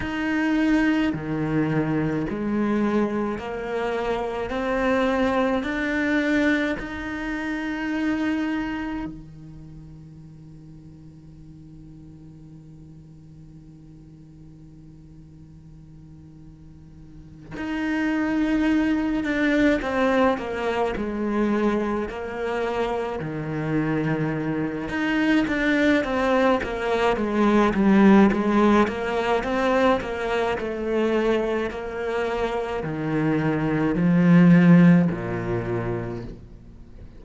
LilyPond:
\new Staff \with { instrumentName = "cello" } { \time 4/4 \tempo 4 = 53 dis'4 dis4 gis4 ais4 | c'4 d'4 dis'2 | dis1~ | dis2.~ dis8 dis'8~ |
dis'4 d'8 c'8 ais8 gis4 ais8~ | ais8 dis4. dis'8 d'8 c'8 ais8 | gis8 g8 gis8 ais8 c'8 ais8 a4 | ais4 dis4 f4 ais,4 | }